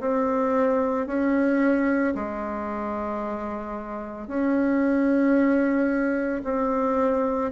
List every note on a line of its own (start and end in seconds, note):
0.00 1.07 C4
1.07 2.14 C#4
2.15 4.28 G#3
4.28 6.42 C#4
6.44 7.51 C4